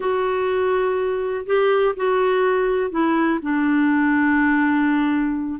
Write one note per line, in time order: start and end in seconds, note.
0.00 1.45 F#4
1.45 1.94 G4
1.96 2.90 F#4
2.90 3.39 E4
3.42 5.60 D4